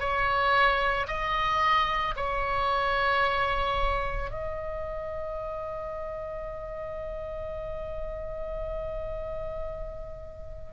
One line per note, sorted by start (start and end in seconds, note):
0.00 1.07 C#5
1.08 2.15 D#5
2.16 4.31 C#5
4.31 10.72 D#5